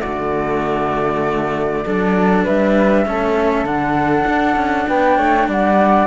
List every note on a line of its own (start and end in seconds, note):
0.00 1.85 A3
0.00 1.82 F#4
0.00 2.43 D5
0.06 1.85 D3
1.85 2.46 F#3
1.85 3.05 D4
1.85 2.44 A4
2.44 3.06 G3
2.44 3.05 B4
2.44 3.66 E5
3.05 3.64 A3
3.05 3.66 C#4
3.05 4.89 A4
3.64 4.24 D3
3.64 6.07 D4
3.64 4.87 F#5
4.26 4.56 D4
4.56 4.86 C#4
4.89 5.18 B3
4.89 5.17 B4
4.89 5.49 G5
5.17 5.48 A3
5.17 5.47 C#5
5.48 6.07 G3
5.48 6.07 D5
5.48 6.07 F#5